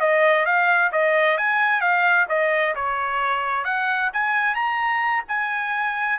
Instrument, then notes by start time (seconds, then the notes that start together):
trumpet
0.00 D#5
0.46 F5
0.92 D#5
1.38 G#5
1.81 F5
2.29 D#5
2.76 C#5
3.65 F#5
4.14 G#5
4.55 A#5
5.28 G#5